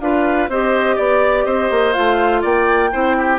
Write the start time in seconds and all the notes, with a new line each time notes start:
0.00 D4 F4 B4 F5
0.48 C4 G4 C5 D#5
0.96 B3 D5
1.44 C4 C5 D#5
1.70 A#3
1.93 A3 F4 F5
2.41 A#3 D5 G5
2.92 C4 E4 C5
3.17 G4